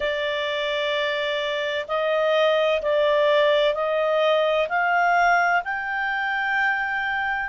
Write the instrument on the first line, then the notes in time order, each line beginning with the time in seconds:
clarinet
0.00 D5
1.87 D#5
2.81 D5
3.74 D#5
4.68 F5
5.64 G5